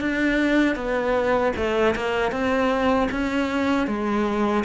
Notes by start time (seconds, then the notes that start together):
0.00 D4
0.75 B3
1.56 A3
1.95 A#3
2.31 C4
3.11 C#4
3.87 G#3